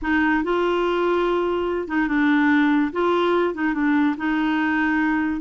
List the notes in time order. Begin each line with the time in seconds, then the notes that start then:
0.02 D#4
0.43 F4
1.87 D#4
2.08 D4
2.92 F4
3.54 D#4
3.74 D4
4.17 D#4